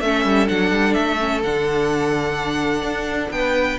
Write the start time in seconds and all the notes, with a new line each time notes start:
0.00 A3 C#4 A4 E5
0.25 G3
0.47 F#3 D4 F#5
0.71 G3
0.93 A3 E5
1.18 C#4
1.43 D3 D4 F#5
2.82 D4
3.30 B3 B4 G5